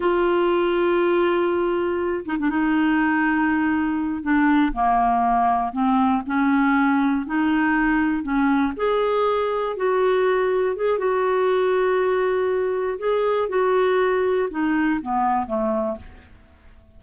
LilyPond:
\new Staff \with { instrumentName = "clarinet" } { \time 4/4 \tempo 4 = 120 f'1~ | f'8 dis'16 d'16 dis'2.~ | dis'8 d'4 ais2 c'8~ | c'8 cis'2 dis'4.~ |
dis'8 cis'4 gis'2 fis'8~ | fis'4. gis'8 fis'2~ | fis'2 gis'4 fis'4~ | fis'4 dis'4 b4 a4 | }